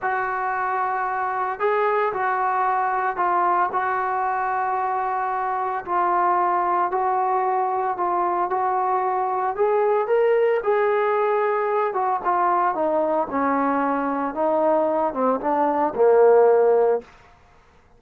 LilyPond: \new Staff \with { instrumentName = "trombone" } { \time 4/4 \tempo 4 = 113 fis'2. gis'4 | fis'2 f'4 fis'4~ | fis'2. f'4~ | f'4 fis'2 f'4 |
fis'2 gis'4 ais'4 | gis'2~ gis'8 fis'8 f'4 | dis'4 cis'2 dis'4~ | dis'8 c'8 d'4 ais2 | }